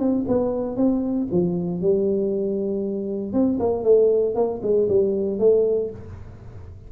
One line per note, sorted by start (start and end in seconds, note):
0.00 0.26 C4
0.28 0.77 B3
0.77 1.28 C4
1.32 1.81 F3
1.81 3.33 G3
3.33 3.59 C4
3.60 3.84 A#3
3.84 4.35 A3
4.36 4.61 A#3
4.63 4.89 G#3
4.89 5.40 G3
5.40 5.91 A3